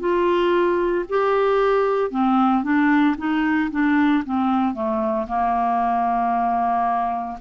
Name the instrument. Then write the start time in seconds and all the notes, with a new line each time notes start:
clarinet
0.00 F4
1.09 G4
2.11 C4
2.63 D4
3.18 D#4
3.71 D4
4.25 C4
4.74 A3
5.27 A#3